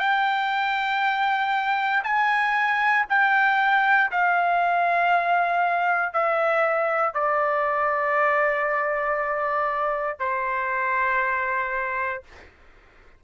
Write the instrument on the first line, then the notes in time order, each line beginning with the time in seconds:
trumpet
0.00 G5
2.04 G#5
3.10 G5
4.12 F5
6.14 E5
7.15 D5
10.20 C5